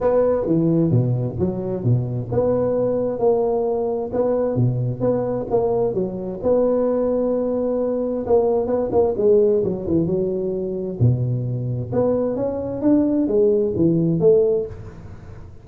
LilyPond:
\new Staff \with { instrumentName = "tuba" } { \time 4/4 \tempo 4 = 131 b4 e4 b,4 fis4 | b,4 b2 ais4~ | ais4 b4 b,4 b4 | ais4 fis4 b2~ |
b2 ais4 b8 ais8 | gis4 fis8 e8 fis2 | b,2 b4 cis'4 | d'4 gis4 e4 a4 | }